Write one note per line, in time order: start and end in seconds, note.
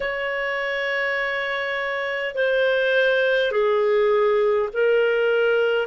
0.00 2.34 C#5
2.34 3.51 C5
3.51 4.69 G#4
4.73 5.87 A#4